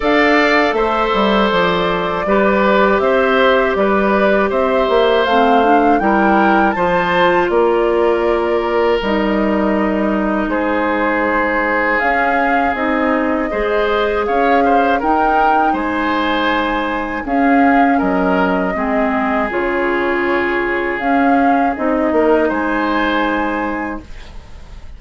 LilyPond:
<<
  \new Staff \with { instrumentName = "flute" } { \time 4/4 \tempo 4 = 80 f''4 e''4 d''2 | e''4 d''4 e''4 f''4 | g''4 a''4 d''2 | dis''2 c''2 |
f''4 dis''2 f''4 | g''4 gis''2 f''4 | dis''2 cis''2 | f''4 dis''4 gis''2 | }
  \new Staff \with { instrumentName = "oboe" } { \time 4/4 d''4 c''2 b'4 | c''4 b'4 c''2 | ais'4 c''4 ais'2~ | ais'2 gis'2~ |
gis'2 c''4 cis''8 c''8 | ais'4 c''2 gis'4 | ais'4 gis'2.~ | gis'4. ais'8 c''2 | }
  \new Staff \with { instrumentName = "clarinet" } { \time 4/4 a'2. g'4~ | g'2. c'8 d'8 | e'4 f'2. | dis'1 |
cis'4 dis'4 gis'2 | dis'2. cis'4~ | cis'4 c'4 f'2 | cis'4 dis'2. | }
  \new Staff \with { instrumentName = "bassoon" } { \time 4/4 d'4 a8 g8 f4 g4 | c'4 g4 c'8 ais8 a4 | g4 f4 ais2 | g2 gis2 |
cis'4 c'4 gis4 cis'4 | dis'4 gis2 cis'4 | fis4 gis4 cis2 | cis'4 c'8 ais8 gis2 | }
>>